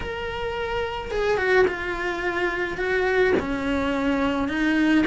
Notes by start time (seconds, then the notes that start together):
0.00 A#4
1.11 G#4
1.37 F#4
1.67 F4
2.77 F#4
3.39 C#4
4.48 D#4